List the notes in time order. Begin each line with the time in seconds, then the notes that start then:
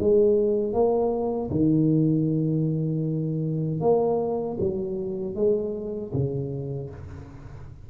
0.00 G#3
0.73 A#3
1.51 D#3
3.81 A#3
4.60 F#3
5.36 G#3
6.13 C#3